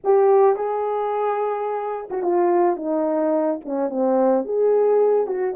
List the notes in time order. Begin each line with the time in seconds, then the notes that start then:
0.04 G4
0.56 G#4
2.10 F#4
2.22 F4
2.76 D#4
3.64 C#4
3.89 C4
4.44 G#4
5.26 F#4